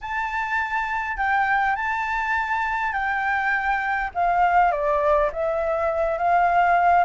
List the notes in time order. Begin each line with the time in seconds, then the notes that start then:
0.01 A5
1.17 G5
1.75 A5
2.93 G5
4.14 F5
4.71 D5
5.32 E5
6.18 F5